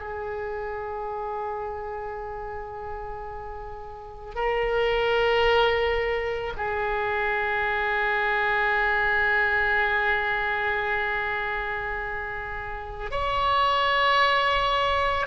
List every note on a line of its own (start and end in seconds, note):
0.00 4.35 G#4
4.35 6.53 A#4
6.57 13.11 G#4
13.11 15.26 C#5